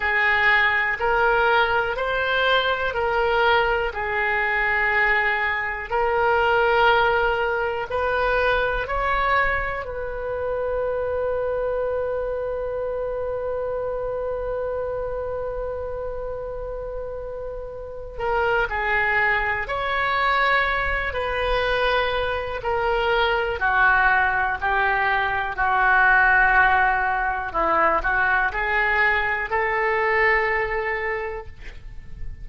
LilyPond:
\new Staff \with { instrumentName = "oboe" } { \time 4/4 \tempo 4 = 61 gis'4 ais'4 c''4 ais'4 | gis'2 ais'2 | b'4 cis''4 b'2~ | b'1~ |
b'2~ b'8 ais'8 gis'4 | cis''4. b'4. ais'4 | fis'4 g'4 fis'2 | e'8 fis'8 gis'4 a'2 | }